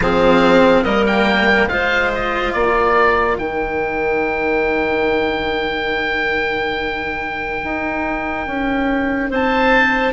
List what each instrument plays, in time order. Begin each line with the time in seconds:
0.00 bassoon F3, cello C4, clarinet G#4, oboe F5
0.83 bassoon G3, cello A#3, clarinet A#4, oboe D#5
1.06 oboe G5
1.68 bassoon G#3, cello F4, clarinet C5, oboe F5
2.14 oboe D#5
2.53 bassoon A#3, clarinet A#4, oboe D5
3.37 bassoon D#3, cello D#4, oboe G5
7.63 bassoon D#4
8.46 bassoon C#4
9.29 bassoon C4, clarinet C5, oboe A5